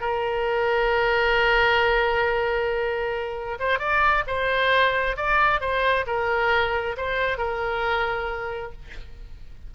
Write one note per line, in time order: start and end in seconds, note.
0.00 3.58 A#4
3.59 3.79 C5
3.79 4.24 D5
4.27 5.16 C5
5.16 5.61 D5
5.61 6.05 C5
6.07 6.96 A#4
6.97 7.38 C5
7.38 8.72 A#4